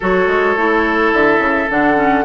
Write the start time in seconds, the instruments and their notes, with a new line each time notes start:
0.00 bassoon F#3, clarinet F#4, oboe A4, flute C#5
0.27 bassoon G#3
0.56 bassoon A3, clarinet E4
1.13 bassoon D3, flute E5
1.38 bassoon C#3
1.69 bassoon D3, clarinet D4, flute F#5
1.95 clarinet C#4